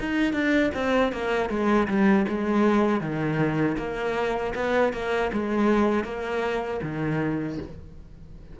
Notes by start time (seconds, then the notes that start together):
0.00 D#4
0.33 D4
0.74 C4
1.12 A#3
1.49 G#3
1.88 G3
2.28 G#3
3.01 D#3
3.78 A#3
4.55 B3
4.93 A#3
5.32 G#3
6.04 A#3
6.83 D#3